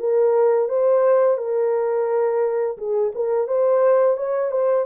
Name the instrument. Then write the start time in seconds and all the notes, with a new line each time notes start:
horn
0.00 A#4
0.69 C5
1.38 A#4
2.78 G#4
3.15 A#4
3.48 C5
4.18 C#5
4.52 C5